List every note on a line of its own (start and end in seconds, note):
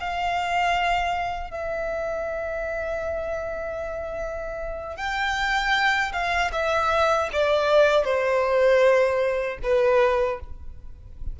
0.00 1.51 F5
1.51 4.97 E5
4.97 6.12 G5
6.13 6.51 F5
6.52 7.29 E5
7.33 8.05 D5
8.05 9.58 C5
9.63 10.40 B4